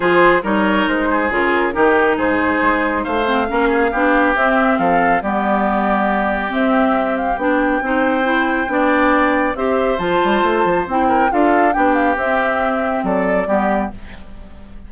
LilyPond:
<<
  \new Staff \with { instrumentName = "flute" } { \time 4/4 \tempo 4 = 138 c''4 cis''4 c''4 ais'4~ | ais'4 c''2 f''4~ | f''2 e''4 f''4 | d''2. e''4~ |
e''8 f''8 g''2.~ | g''2 e''4 a''4~ | a''4 g''4 f''4 g''8 f''8 | e''2 d''2 | }
  \new Staff \with { instrumentName = "oboe" } { \time 4/4 gis'4 ais'4. gis'4. | g'4 gis'2 c''4 | ais'8 gis'8 g'2 a'4 | g'1~ |
g'2 c''2 | d''2 c''2~ | c''4. ais'8 a'4 g'4~ | g'2 a'4 g'4 | }
  \new Staff \with { instrumentName = "clarinet" } { \time 4/4 f'4 dis'2 f'4 | dis'2.~ dis'8 c'8 | cis'4 d'4 c'2 | b2. c'4~ |
c'4 d'4 dis'4 e'4 | d'2 g'4 f'4~ | f'4 e'4 f'4 d'4 | c'2. b4 | }
  \new Staff \with { instrumentName = "bassoon" } { \time 4/4 f4 g4 gis4 cis4 | dis4 gis,4 gis4 a4 | ais4 b4 c'4 f4 | g2. c'4~ |
c'4 b4 c'2 | b2 c'4 f8 g8 | a8 f8 c'4 d'4 b4 | c'2 fis4 g4 | }
>>